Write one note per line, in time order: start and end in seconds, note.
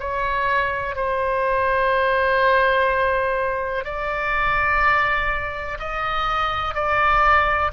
0.00 0.96 C#5
0.96 3.85 C5
3.85 5.78 D5
5.79 6.75 D#5
6.75 7.72 D5